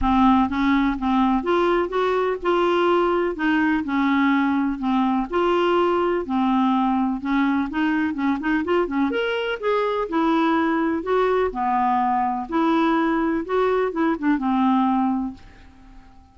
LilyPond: \new Staff \with { instrumentName = "clarinet" } { \time 4/4 \tempo 4 = 125 c'4 cis'4 c'4 f'4 | fis'4 f'2 dis'4 | cis'2 c'4 f'4~ | f'4 c'2 cis'4 |
dis'4 cis'8 dis'8 f'8 cis'8 ais'4 | gis'4 e'2 fis'4 | b2 e'2 | fis'4 e'8 d'8 c'2 | }